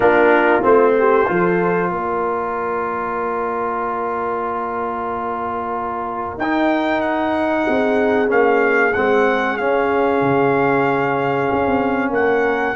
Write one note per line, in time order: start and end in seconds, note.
0.00 0.62 A#3
0.00 0.61 D4
0.00 0.95 F4
0.00 0.63 A#4
0.61 1.27 A3
0.61 1.25 C4
0.61 1.92 C5
0.98 1.30 G4
1.27 1.91 F3
1.27 6.38 F4
1.27 1.91 A4
1.91 6.37 A#3
1.91 7.65 A#4
1.91 6.39 D5
6.37 7.65 D#4
6.37 8.28 D#4
6.37 7.01 G5
7.01 8.28 F#5
7.66 8.30 C4
7.66 12.12 G#4
8.28 8.94 A#3
8.28 8.92 C#4
8.28 8.93 F5
8.93 9.59 G#3
8.93 9.58 C4
8.93 9.56 F#5
9.56 12.75 C#4
9.56 10.21 C#4
9.56 12.12 F5
10.21 11.48 C#3
11.51 11.66 C#4
11.66 12.09 C4
12.09 12.73 A#3
12.09 12.75 A#4
12.09 12.75 F#5